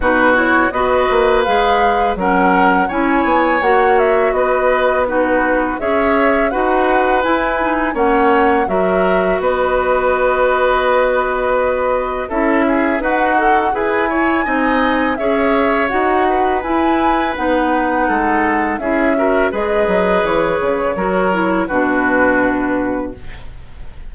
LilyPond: <<
  \new Staff \with { instrumentName = "flute" } { \time 4/4 \tempo 4 = 83 b'8 cis''8 dis''4 f''4 fis''4 | gis''4 fis''8 e''8 dis''4 b'4 | e''4 fis''4 gis''4 fis''4 | e''4 dis''2.~ |
dis''4 e''4 fis''4 gis''4~ | gis''4 e''4 fis''4 gis''4 | fis''2 e''4 dis''4 | cis''2 b'2 | }
  \new Staff \with { instrumentName = "oboe" } { \time 4/4 fis'4 b'2 ais'4 | cis''2 b'4 fis'4 | cis''4 b'2 cis''4 | ais'4 b'2.~ |
b'4 a'8 gis'8 fis'4 b'8 cis''8 | dis''4 cis''4. b'4.~ | b'4 a'4 gis'8 ais'8 b'4~ | b'4 ais'4 fis'2 | }
  \new Staff \with { instrumentName = "clarinet" } { \time 4/4 dis'8 e'8 fis'4 gis'4 cis'4 | e'4 fis'2 dis'4 | gis'4 fis'4 e'8 dis'8 cis'4 | fis'1~ |
fis'4 e'4 b'8 a'8 gis'8 e'8 | dis'4 gis'4 fis'4 e'4 | dis'2 e'8 fis'8 gis'4~ | gis'4 fis'8 e'8 d'2 | }
  \new Staff \with { instrumentName = "bassoon" } { \time 4/4 b,4 b8 ais8 gis4 fis4 | cis'8 b8 ais4 b2 | cis'4 dis'4 e'4 ais4 | fis4 b2.~ |
b4 cis'4 dis'4 e'4 | c'4 cis'4 dis'4 e'4 | b4 gis4 cis'4 gis8 fis8 | e8 cis8 fis4 b,2 | }
>>